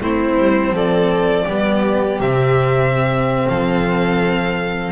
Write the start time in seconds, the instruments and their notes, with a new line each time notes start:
0.00 double bass A3, cello C4, violin E4 C5
0.38 double bass G3
0.71 double bass F3, violin A4 D5
1.45 double bass G3, cello B3, violin G4
2.20 double bass C3, cello C4, violin E5
3.48 double bass F3, violin A4 F5